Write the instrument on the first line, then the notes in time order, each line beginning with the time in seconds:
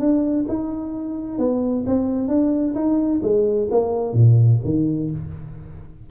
tuba
0.00 D4
0.49 D#4
1.39 B3
1.87 C4
2.28 D4
2.75 D#4
3.23 G#3
3.71 A#3
4.13 A#2
4.65 D#3